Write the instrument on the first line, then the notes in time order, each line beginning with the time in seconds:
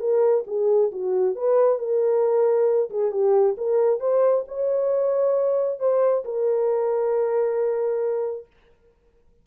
horn
0.00 A#4
0.47 G#4
0.92 F#4
1.36 B4
1.79 A#4
2.91 G#4
3.12 G4
3.58 A#4
4.00 C5
4.48 C#5
5.80 C5
6.25 A#4